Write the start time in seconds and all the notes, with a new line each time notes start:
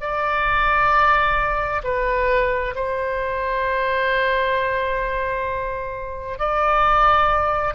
0.00 D5
1.83 B4
2.75 C5
6.38 D5